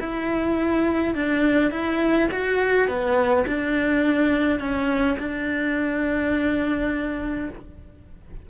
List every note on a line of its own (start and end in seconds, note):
0.00 1.15 E4
1.15 1.71 D4
1.71 2.29 E4
2.31 2.88 F#4
2.88 3.45 B3
3.47 4.59 D4
4.59 5.17 C#4
5.19 7.49 D4